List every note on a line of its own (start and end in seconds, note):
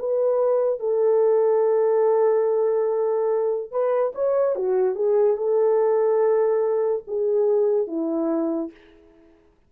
0.00 0.80 B4
0.80 3.72 A4
3.72 4.13 B4
4.16 4.56 C#5
4.56 4.96 F#4
4.96 5.37 G#4
5.37 7.04 A4
7.08 7.88 G#4
7.88 8.71 E4